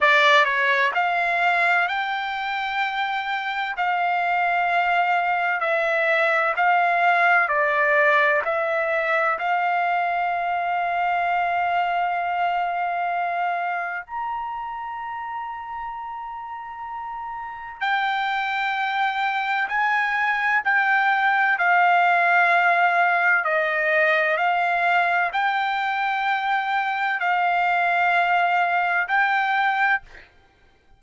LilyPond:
\new Staff \with { instrumentName = "trumpet" } { \time 4/4 \tempo 4 = 64 d''8 cis''8 f''4 g''2 | f''2 e''4 f''4 | d''4 e''4 f''2~ | f''2. ais''4~ |
ais''2. g''4~ | g''4 gis''4 g''4 f''4~ | f''4 dis''4 f''4 g''4~ | g''4 f''2 g''4 | }